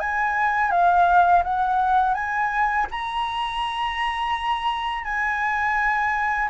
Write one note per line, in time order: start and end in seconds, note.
0.00 0.71 G#5
0.71 1.43 F5
1.44 2.15 F#5
2.15 2.87 G#5
2.91 5.04 A#5
5.04 6.49 G#5